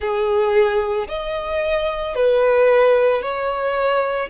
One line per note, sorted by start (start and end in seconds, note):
0.00 1.07 G#4
1.08 2.15 D#5
2.15 3.21 B4
3.21 4.29 C#5